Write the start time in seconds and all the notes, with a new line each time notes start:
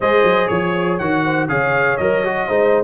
0.00 G#3 G#4 C5 D#5
0.23 F#3
0.47 F3 C#5
0.98 D#3 F#4 F#5
1.24 C5
1.48 C#3 G#4 C#5 F5
1.97 F#3 A#4 D#5
2.24 F#4
2.47 G#3 D#4 C5